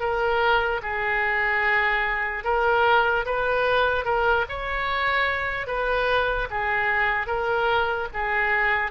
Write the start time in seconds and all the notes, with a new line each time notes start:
0.00 A#4
0.83 G#4
2.44 A#4
3.26 B4
4.05 A#4
4.49 C#5
5.67 B4
6.51 G#4
7.27 A#4
8.14 G#4